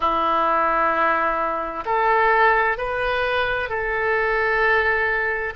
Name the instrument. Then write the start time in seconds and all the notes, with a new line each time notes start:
oboe
0.00 E4
1.85 A4
2.77 B4
3.69 A4